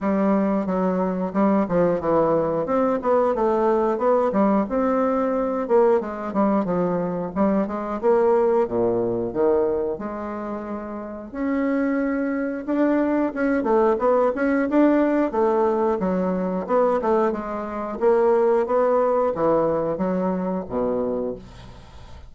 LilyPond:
\new Staff \with { instrumentName = "bassoon" } { \time 4/4 \tempo 4 = 90 g4 fis4 g8 f8 e4 | c'8 b8 a4 b8 g8 c'4~ | c'8 ais8 gis8 g8 f4 g8 gis8 | ais4 ais,4 dis4 gis4~ |
gis4 cis'2 d'4 | cis'8 a8 b8 cis'8 d'4 a4 | fis4 b8 a8 gis4 ais4 | b4 e4 fis4 b,4 | }